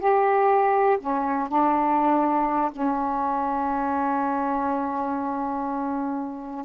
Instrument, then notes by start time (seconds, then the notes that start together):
saxophone
0.00 G4
1.01 C#4
1.49 D4
2.72 C#4